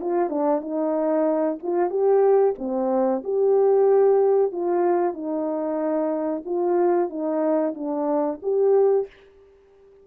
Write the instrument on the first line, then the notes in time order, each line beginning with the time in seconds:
horn
0.00 F4
0.30 D4
0.61 D#4
1.62 F4
1.90 G4
2.58 C4
3.24 G4
4.52 F4
5.13 D#4
6.45 F4
7.09 D#4
7.74 D4
8.42 G4